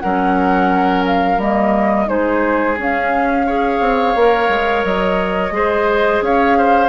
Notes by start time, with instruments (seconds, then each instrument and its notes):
0.00 bassoon F#3, clarinet C#4, oboe A#4, flute F#5
1.06 flute F5
1.38 bassoon G3, clarinet A#3, flute D#5
2.06 bassoon G#3, clarinet D#4, oboe G#4, flute C5
2.78 bassoon C#4, clarinet C#4, flute F5
3.47 clarinet G#4, oboe C#5
3.80 bassoon C4
4.15 bassoon A#3, clarinet A#4
4.49 bassoon G#3
4.84 bassoon F#3, flute D#5
5.51 bassoon G#3, clarinet G#4, oboe C5
6.22 bassoon C#4, oboe C#5, flute F5
6.58 oboe C5